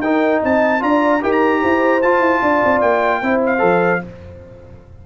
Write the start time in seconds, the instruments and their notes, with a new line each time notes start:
0.00 tuba D#4, trombone D#4, horn A#4, trumpet G5
0.41 tuba C4, horn D#5, trumpet A5
0.80 tuba D4, trombone F4, horn D5, trumpet A#5
1.21 tuba D#4, trombone G4, horn A#4, trumpet G5
1.32 trumpet A#5
1.61 tuba E4, horn C5
2.02 tuba F4, trombone F4, trumpet A5
2.20 tuba E4
2.41 tuba D4, horn D5
2.64 tuba C4
2.81 tuba A#3, trumpet G5
3.22 tuba C4, trombone E4, horn C5
3.46 trumpet F5
3.59 tuba F3, trombone A4